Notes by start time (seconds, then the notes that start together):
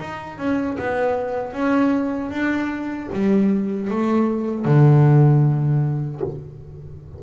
0.00 D#4
0.39 C#4
0.79 B3
1.53 C#4
2.31 D4
3.13 G3
3.91 A3
4.65 D3